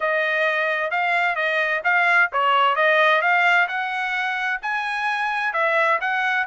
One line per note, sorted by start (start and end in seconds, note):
0.00 0.90 D#5
0.90 1.35 F5
1.35 1.81 D#5
1.84 2.30 F5
2.32 2.75 C#5
2.75 3.21 D#5
3.21 3.67 F5
3.68 4.60 F#5
4.62 5.53 G#5
5.53 5.99 E5
6.00 6.46 F#5